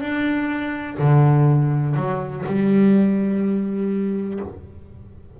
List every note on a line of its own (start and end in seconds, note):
0.00 0.97 D4
0.99 1.95 D3
1.96 2.44 F#3
2.46 4.39 G3